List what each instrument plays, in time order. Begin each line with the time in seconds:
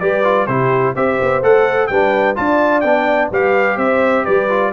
0.00 tuba G3, trombone G4, horn B4, trumpet D5
0.24 trombone F4
0.47 tuba C3, trombone E4, horn G4, trumpet C5
0.96 tuba C4, trombone G4, horn C5, trumpet E5
1.21 tuba B3
1.43 tuba A3, trombone A4, trumpet F#5
1.87 tuba G3, trombone D4, horn B4, trumpet G5
2.36 tuba D4, trombone F4, horn D5, trumpet A5
2.81 tuba B3, trombone D4, trumpet G5
3.32 tuba G3, trombone G4, horn B4, trumpet F5
3.77 tuba C4, horn C5, trumpet E5
4.25 tuba G3, horn B4, trumpet D5
4.50 trombone F4